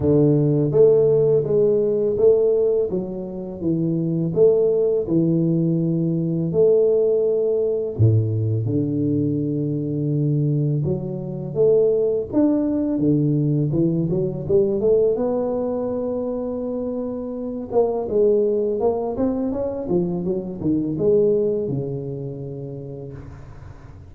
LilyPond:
\new Staff \with { instrumentName = "tuba" } { \time 4/4 \tempo 4 = 83 d4 a4 gis4 a4 | fis4 e4 a4 e4~ | e4 a2 a,4 | d2. fis4 |
a4 d'4 d4 e8 fis8 | g8 a8 b2.~ | b8 ais8 gis4 ais8 c'8 cis'8 f8 | fis8 dis8 gis4 cis2 | }